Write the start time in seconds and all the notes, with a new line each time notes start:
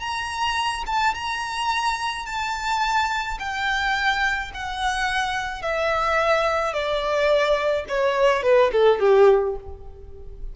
0.00 A#5
0.87 A5
1.14 A#5
2.26 A5
3.39 G5
4.54 F#5
5.62 E5
6.73 D5
7.88 C#5
8.43 B4
8.72 A4
9.00 G4